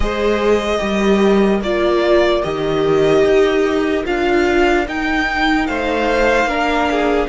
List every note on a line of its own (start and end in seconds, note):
0.00 0.79 G#3
0.00 0.78 G#4
0.00 0.81 C5
0.00 1.60 D#5
0.78 1.61 G3
0.78 1.59 G4
0.78 5.68 A#4
1.61 2.42 A#3
1.61 2.43 F4
1.61 2.43 D5
2.43 3.23 D#3
2.43 4.04 G4
2.43 4.05 D#5
3.23 4.04 D#4
4.04 4.87 D4
4.04 4.85 F4
4.04 4.87 F5
4.87 6.48 D#4
4.87 5.68 D#4
4.87 5.66 G5
5.66 6.45 A3
5.66 6.48 C5
5.66 7.29 F5
6.45 7.26 A#3
6.45 7.29 D4
6.45 6.89 A#4
6.90 7.29 G#4